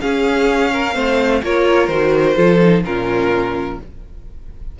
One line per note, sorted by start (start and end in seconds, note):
0.00 0.94 C#4
0.00 0.71 G#4
0.00 1.42 F5
0.72 0.94 A#4
0.94 1.42 A3
0.94 1.41 C4
0.94 1.41 C5
1.43 1.88 A#3
1.43 1.90 F4
1.43 2.36 A#4
1.43 1.87 C#5
1.87 2.35 D#3
1.87 2.35 F#4
1.87 2.82 C5
2.35 2.83 F3
2.35 2.59 F4
2.35 2.83 A4
2.61 2.84 D#4
2.83 3.78 A#2
2.83 3.80 C#4
2.83 3.79 F4
2.83 3.79 A#4